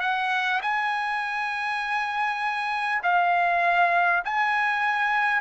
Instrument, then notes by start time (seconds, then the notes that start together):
trumpet
0.00 F#5
0.62 G#5
3.03 F5
4.24 G#5